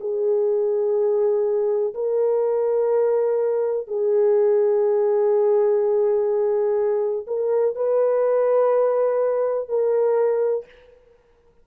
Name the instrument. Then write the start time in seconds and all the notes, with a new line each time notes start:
horn
0.00 G#4
1.94 A#4
3.88 G#4
7.27 A#4
7.76 B4
9.69 A#4